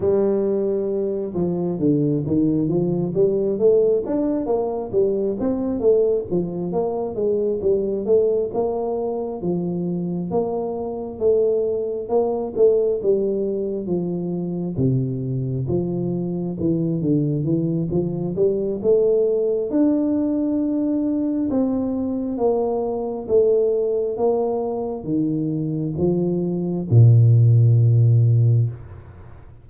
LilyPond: \new Staff \with { instrumentName = "tuba" } { \time 4/4 \tempo 4 = 67 g4. f8 d8 dis8 f8 g8 | a8 d'8 ais8 g8 c'8 a8 f8 ais8 | gis8 g8 a8 ais4 f4 ais8~ | ais8 a4 ais8 a8 g4 f8~ |
f8 c4 f4 e8 d8 e8 | f8 g8 a4 d'2 | c'4 ais4 a4 ais4 | dis4 f4 ais,2 | }